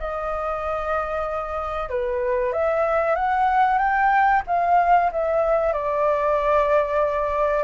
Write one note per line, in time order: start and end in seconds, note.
0.00 1.90 D#5
1.90 2.53 B4
2.53 3.16 E5
3.16 3.79 F#5
3.79 4.43 G5
4.47 5.11 F5
5.12 5.73 E5
5.73 7.64 D5